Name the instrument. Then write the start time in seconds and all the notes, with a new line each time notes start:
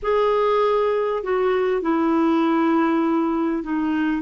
clarinet
0.02 G#4
1.23 F#4
1.81 E4
3.63 D#4